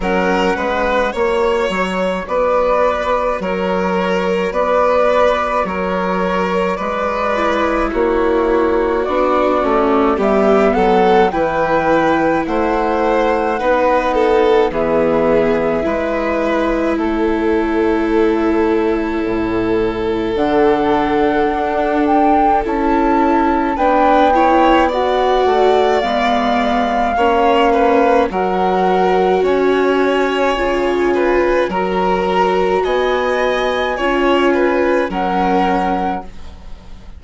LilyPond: <<
  \new Staff \with { instrumentName = "flute" } { \time 4/4 \tempo 4 = 53 fis''4 cis''4 d''4 cis''4 | d''4 cis''4 d''4 cis''4 | d''4 e''8 fis''8 g''4 fis''4~ | fis''4 e''2 cis''4~ |
cis''2 fis''4. g''8 | a''4 g''4 fis''4 f''4~ | f''4 fis''4 gis''2 | ais''4 gis''2 fis''4 | }
  \new Staff \with { instrumentName = "violin" } { \time 4/4 ais'8 b'8 cis''4 b'4 ais'4 | b'4 ais'4 b'4 fis'4~ | fis'4 g'8 a'8 b'4 c''4 | b'8 a'8 gis'4 b'4 a'4~ |
a'1~ | a'4 b'8 cis''8 d''2 | cis''8 b'8 ais'4 cis''4. b'8 | ais'4 dis''4 cis''8 b'8 ais'4 | }
  \new Staff \with { instrumentName = "viola" } { \time 4/4 cis'4 fis'2.~ | fis'2~ fis'8 e'4. | d'8 cis'8 b4 e'2 | dis'4 b4 e'2~ |
e'2 d'2 | e'4 d'8 e'8 fis'4 b4 | cis'4 fis'2 f'4 | fis'2 f'4 cis'4 | }
  \new Staff \with { instrumentName = "bassoon" } { \time 4/4 fis8 gis8 ais8 fis8 b4 fis4 | b4 fis4 gis4 ais4 | b8 a8 g8 fis8 e4 a4 | b4 e4 gis4 a4~ |
a4 a,4 d4 d'4 | cis'4 b4. a8 gis4 | ais4 fis4 cis'4 cis4 | fis4 b4 cis'4 fis4 | }
>>